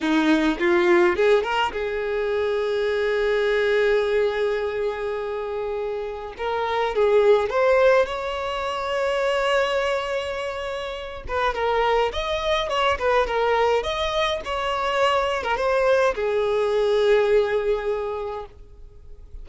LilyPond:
\new Staff \with { instrumentName = "violin" } { \time 4/4 \tempo 4 = 104 dis'4 f'4 gis'8 ais'8 gis'4~ | gis'1~ | gis'2. ais'4 | gis'4 c''4 cis''2~ |
cis''2.~ cis''8 b'8 | ais'4 dis''4 cis''8 b'8 ais'4 | dis''4 cis''4.~ cis''16 ais'16 c''4 | gis'1 | }